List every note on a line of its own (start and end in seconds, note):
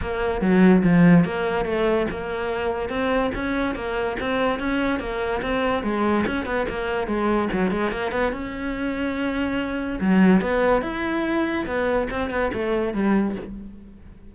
0.01 0.41 A#3
0.41 0.83 F#3
0.83 1.24 F3
1.24 1.65 A#3
1.65 2.07 A3
2.10 2.89 A#3
2.89 3.30 C4
3.34 3.75 C#4
3.75 4.16 A#3
4.20 4.59 C4
4.59 4.99 C#4
4.99 5.41 A#3
5.42 5.83 C4
5.83 6.24 G#3
6.26 6.45 C#4
6.45 6.66 B3
6.68 7.07 A#3
7.07 7.48 G#3
7.52 7.70 F#3
7.70 7.91 G#3
7.91 8.11 A#3
8.11 8.32 B3
8.32 9.99 C#4
10.00 10.41 F#3
10.41 10.82 B3
10.82 11.65 E4
11.66 12.08 B3
12.10 12.30 C4
12.30 12.51 B3
12.53 12.93 A3
12.93 13.35 G3